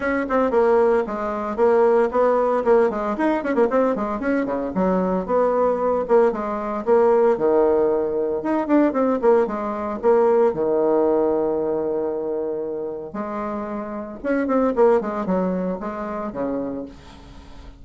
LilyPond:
\new Staff \with { instrumentName = "bassoon" } { \time 4/4 \tempo 4 = 114 cis'8 c'8 ais4 gis4 ais4 | b4 ais8 gis8 dis'8 cis'16 ais16 c'8 gis8 | cis'8 cis8 fis4 b4. ais8 | gis4 ais4 dis2 |
dis'8 d'8 c'8 ais8 gis4 ais4 | dis1~ | dis4 gis2 cis'8 c'8 | ais8 gis8 fis4 gis4 cis4 | }